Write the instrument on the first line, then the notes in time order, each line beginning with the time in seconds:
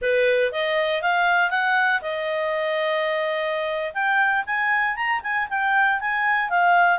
clarinet
0.01 B4
0.52 D#5
1.02 F5
1.50 F#5
2.01 D#5
3.93 G5
4.45 G#5
4.96 A#5
5.23 G#5
5.49 G5
6.00 G#5
6.49 F5